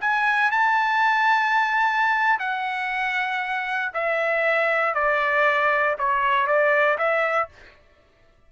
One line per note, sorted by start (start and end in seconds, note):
0.00 0.51 G#5
0.51 2.39 A5
2.39 3.91 F#5
3.93 4.94 E5
4.94 5.96 D5
5.98 6.46 C#5
6.46 6.97 D5
6.98 7.48 E5